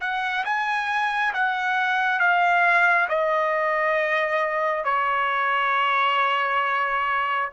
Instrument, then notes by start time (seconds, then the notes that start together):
trumpet
0.00 F#5
0.45 G#5
1.34 F#5
2.19 F5
3.08 D#5
4.84 C#5